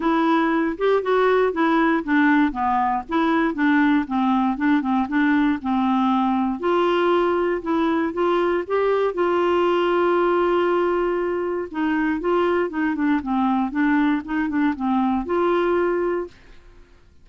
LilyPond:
\new Staff \with { instrumentName = "clarinet" } { \time 4/4 \tempo 4 = 118 e'4. g'8 fis'4 e'4 | d'4 b4 e'4 d'4 | c'4 d'8 c'8 d'4 c'4~ | c'4 f'2 e'4 |
f'4 g'4 f'2~ | f'2. dis'4 | f'4 dis'8 d'8 c'4 d'4 | dis'8 d'8 c'4 f'2 | }